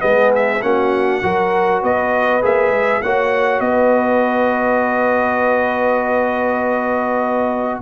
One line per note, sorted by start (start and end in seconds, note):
0.00 0.63 G#3
0.00 0.60 B3
0.00 0.62 G#4
0.00 0.31 D#5
0.35 0.62 E5
0.62 1.23 A#3
0.62 1.23 C#4
0.62 1.23 F#4
0.62 1.82 F#5
1.23 1.83 F#3
1.23 2.42 F#4
1.23 1.82 A#4
1.82 2.43 B3
1.82 3.02 B4
1.82 2.44 D#5
2.42 2.70 A#3
2.42 3.02 G#4
2.42 3.02 E5
2.70 3.00 G#3
3.02 3.60 A#3
3.02 7.82 F#4
3.02 3.64 C#5
3.02 3.60 F#5
3.60 7.80 B3
3.60 7.82 B4
3.60 7.80 D#5